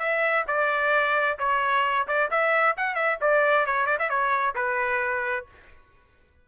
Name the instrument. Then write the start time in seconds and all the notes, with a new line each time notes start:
trumpet
0.00 E5
0.48 D5
1.39 C#5
2.08 D5
2.31 E5
2.77 F#5
2.96 E5
3.21 D5
3.67 C#5
3.87 D5
4.00 E5
4.10 C#5
4.56 B4